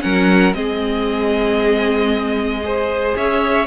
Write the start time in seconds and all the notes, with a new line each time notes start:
0.00 F#3 C#4 A#4 F#5
0.52 G#3 C4 G#4 D#5
2.63 G#4 C5
3.16 C#4 C#5 E5